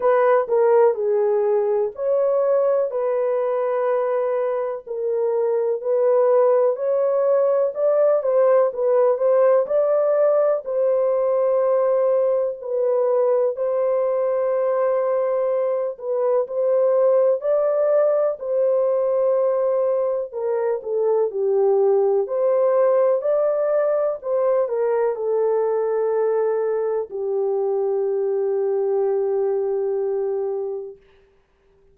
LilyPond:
\new Staff \with { instrumentName = "horn" } { \time 4/4 \tempo 4 = 62 b'8 ais'8 gis'4 cis''4 b'4~ | b'4 ais'4 b'4 cis''4 | d''8 c''8 b'8 c''8 d''4 c''4~ | c''4 b'4 c''2~ |
c''8 b'8 c''4 d''4 c''4~ | c''4 ais'8 a'8 g'4 c''4 | d''4 c''8 ais'8 a'2 | g'1 | }